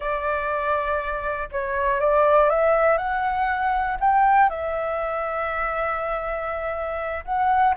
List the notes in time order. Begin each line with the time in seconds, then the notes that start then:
0.00 D5
1.51 C#5
2.00 D5
2.49 E5
2.97 F#5
4.00 G5
4.49 E5
7.24 F#5